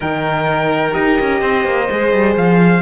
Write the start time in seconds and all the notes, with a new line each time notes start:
0.00 D#3 D#4 A#4 G5
0.91 D#4 G4 D#5
1.20 C#4
1.40 C4 C5
1.65 A#3
1.90 G#3 G#4
2.12 G3
2.36 F3 F5